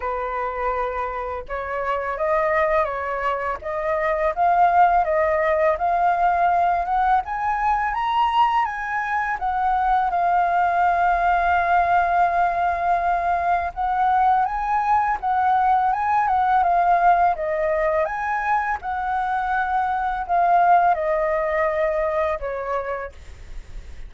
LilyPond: \new Staff \with { instrumentName = "flute" } { \time 4/4 \tempo 4 = 83 b'2 cis''4 dis''4 | cis''4 dis''4 f''4 dis''4 | f''4. fis''8 gis''4 ais''4 | gis''4 fis''4 f''2~ |
f''2. fis''4 | gis''4 fis''4 gis''8 fis''8 f''4 | dis''4 gis''4 fis''2 | f''4 dis''2 cis''4 | }